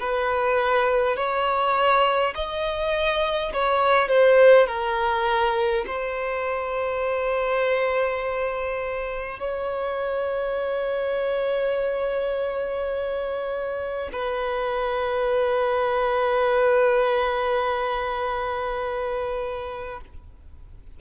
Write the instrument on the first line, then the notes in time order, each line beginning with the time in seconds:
violin
0.00 B4
1.17 C#5
2.34 D#5
3.53 C#5
4.08 C5
4.67 A#4
5.87 C5
9.39 C#5
14.12 B4